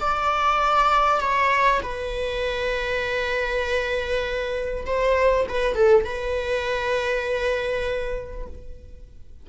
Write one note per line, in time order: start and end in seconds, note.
0.00 1.20 D5
1.20 1.81 C#5
1.82 4.85 B4
4.86 5.46 C5
5.48 5.75 B4
5.75 6.04 A4
6.04 8.47 B4